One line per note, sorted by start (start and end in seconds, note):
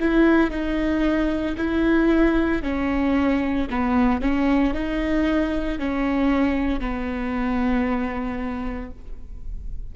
0.00 0.51 E4
0.51 1.56 D#4
1.57 2.63 E4
2.63 3.68 C#4
3.70 4.22 B3
4.22 4.74 C#4
4.74 5.79 D#4
5.79 6.80 C#4
6.80 8.91 B3